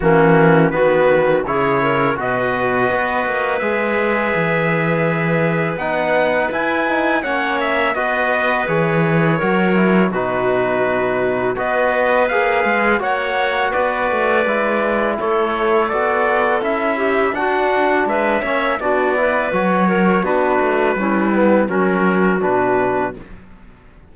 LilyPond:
<<
  \new Staff \with { instrumentName = "trumpet" } { \time 4/4 \tempo 4 = 83 fis'4 b'4 cis''4 dis''4~ | dis''4 e''2. | fis''4 gis''4 fis''8 e''8 dis''4 | cis''2 b'2 |
dis''4 f''4 fis''4 d''4~ | d''4 cis''4 d''4 e''4 | fis''4 e''4 d''4 cis''4 | b'2 ais'4 b'4 | }
  \new Staff \with { instrumentName = "clarinet" } { \time 4/4 cis'4 fis'4 gis'8 ais'8 b'4~ | b'1~ | b'2 cis''4 b'4~ | b'4 ais'4 fis'2 |
b'2 cis''4 b'4~ | b'4 a'2~ a'8 g'8 | fis'4 b'8 cis''8 fis'8 b'4 ais'8 | fis'4 e'4 fis'2 | }
  \new Staff \with { instrumentName = "trombone" } { \time 4/4 ais4 b4 e'4 fis'4~ | fis'4 gis'2. | dis'4 e'8 dis'8 cis'4 fis'4 | gis'4 fis'8 e'8 dis'2 |
fis'4 gis'4 fis'2 | e'2 fis'4 e'4 | d'4. cis'8 d'8 e'8 fis'4 | d'4 cis'8 b8 cis'4 d'4 | }
  \new Staff \with { instrumentName = "cello" } { \time 4/4 e4 dis4 cis4 b,4 | b8 ais8 gis4 e2 | b4 e'4 ais4 b4 | e4 fis4 b,2 |
b4 ais8 gis8 ais4 b8 a8 | gis4 a4 b4 cis'4 | d'4 gis8 ais8 b4 fis4 | b8 a8 g4 fis4 b,4 | }
>>